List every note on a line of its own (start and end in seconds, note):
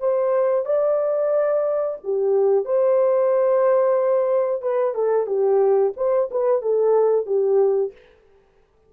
0.00 0.66 C5
0.66 1.98 D5
2.04 2.66 G4
2.66 4.62 C5
4.62 4.95 B4
4.95 5.27 A4
5.27 5.93 G4
5.97 6.30 C5
6.31 6.62 B4
6.62 7.26 A4
7.26 7.92 G4